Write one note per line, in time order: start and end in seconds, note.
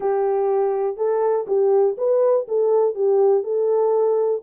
0.00 0.96 G4
0.96 1.46 A4
1.47 1.96 G4
1.97 2.46 B4
2.48 2.94 A4
2.94 3.43 G4
3.43 4.42 A4